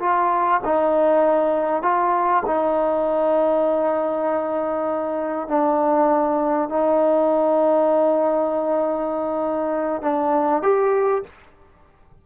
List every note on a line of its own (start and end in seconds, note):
0.00 0.61 F4
0.65 1.83 D#4
1.83 2.44 F4
2.46 5.48 D#4
5.48 6.70 D4
6.70 10.02 D#4
10.02 10.63 D4
10.63 11.24 G4